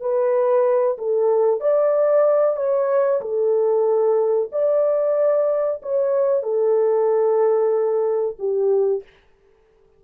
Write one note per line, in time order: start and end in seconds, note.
0.00 0.97 B4
0.98 1.60 A4
1.60 2.56 D5
2.56 3.21 C#5
3.21 4.50 A4
4.52 5.81 D5
5.82 6.43 C#5
6.43 8.36 A4
8.38 9.03 G4